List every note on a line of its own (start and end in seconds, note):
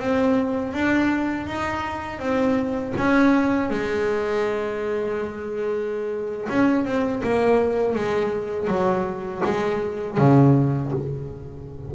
0.00 0.74 C4
0.74 1.47 D4
1.47 2.20 D#4
2.20 2.94 C4
2.98 3.71 C#4
3.71 6.48 G#3
6.49 6.86 C#4
6.86 7.23 C4
7.24 7.96 A#3
7.96 8.68 G#3
8.68 9.42 F#3
9.45 10.18 G#3
10.18 10.92 C#3